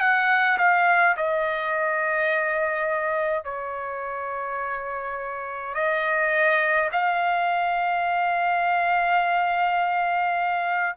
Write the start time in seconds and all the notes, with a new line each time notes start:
0.00 F#5
0.58 F5
1.17 D#5
3.45 C#5
5.75 D#5
6.92 F5